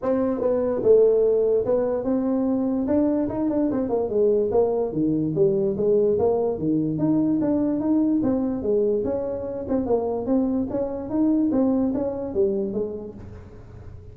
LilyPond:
\new Staff \with { instrumentName = "tuba" } { \time 4/4 \tempo 4 = 146 c'4 b4 a2 | b4 c'2 d'4 | dis'8 d'8 c'8 ais8 gis4 ais4 | dis4 g4 gis4 ais4 |
dis4 dis'4 d'4 dis'4 | c'4 gis4 cis'4. c'8 | ais4 c'4 cis'4 dis'4 | c'4 cis'4 g4 gis4 | }